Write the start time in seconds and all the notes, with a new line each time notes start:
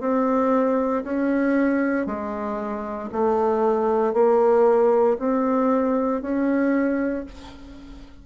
0.00 C4
1.03 C#4
2.06 G#3
3.12 A3
4.13 A#3
5.19 C4
6.22 C#4